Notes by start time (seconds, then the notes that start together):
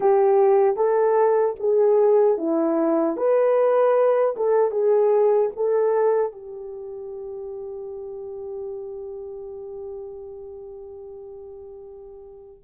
0.00 G4
0.76 A4
1.59 G#4
2.37 E4
3.17 B4
4.36 A4
4.71 G#4
5.56 A4
6.32 G4